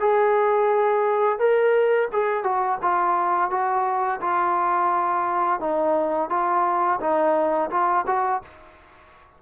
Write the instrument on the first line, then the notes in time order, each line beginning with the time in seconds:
trombone
0.00 G#4
1.39 A#4
2.12 G#4
2.44 F#4
2.82 F4
3.50 F#4
4.21 F4
5.60 D#4
6.30 F4
7.01 D#4
7.71 F4
8.07 F#4